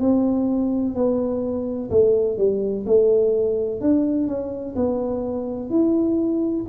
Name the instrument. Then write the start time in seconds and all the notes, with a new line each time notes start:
tuba
0.00 C4
0.95 B3
1.90 A3
2.38 G3
2.86 A3
3.81 D4
4.28 C#4
4.76 B3
5.70 E4